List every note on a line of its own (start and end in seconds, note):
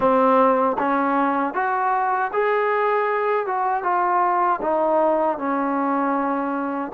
0.00 0.76 C4
0.78 1.54 C#4
1.54 2.31 F#4
2.33 3.46 G#4
3.46 3.83 F#4
3.83 4.60 F4
4.61 5.38 D#4
5.38 6.92 C#4